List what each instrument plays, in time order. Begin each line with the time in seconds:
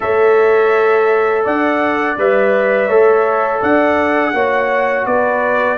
0.00 tuba A3, trombone A4, horn C#5, trumpet E5
1.44 tuba D4, horn D5, trumpet F#5
2.17 tuba G3, trombone B4, trumpet E5
2.87 tuba A3, trombone A4, horn C#5
3.61 tuba D4, horn D5, trumpet F#5
4.33 tuba A#3, trombone F#4, horn C#5
5.06 tuba B3, horn B4, trumpet D5